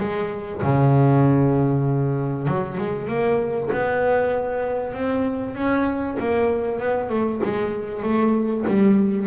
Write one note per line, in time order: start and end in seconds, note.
0.00 0.62 G#3
0.62 2.48 C#3
2.48 2.78 F#3
2.78 3.08 G#3
3.08 3.70 A#3
3.73 4.94 B3
4.94 5.56 C4
5.56 6.17 C#4
6.20 6.80 A#3
6.80 7.10 B3
7.10 7.41 A3
7.44 8.03 G#3
8.03 8.65 A3
8.67 9.27 G3